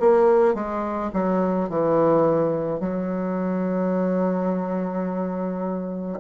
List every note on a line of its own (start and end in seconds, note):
0.00 0.54 A#3
0.54 1.11 G#3
1.13 1.69 F#3
1.69 2.80 E3
2.80 6.20 F#3